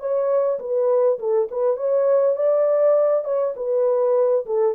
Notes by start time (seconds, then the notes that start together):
0.00 C#5
0.60 B4
1.19 A4
1.51 B4
1.77 C#5
2.36 D5
3.25 C#5
3.56 B4
4.46 A4